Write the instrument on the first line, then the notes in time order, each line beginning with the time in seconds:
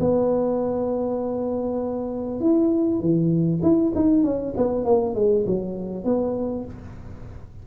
tuba
0.00 B3
2.40 E4
3.01 E3
3.62 E4
3.95 D#4
4.24 C#4
4.57 B3
4.85 A#3
5.15 G#3
5.47 F#3
6.04 B3